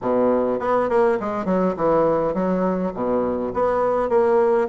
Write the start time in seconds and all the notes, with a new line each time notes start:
0.01 B2
0.59 B3
0.89 A#3
1.20 G#3
1.45 F#3
1.76 E3
2.34 F#3
2.94 B2
3.53 B3
4.09 A#3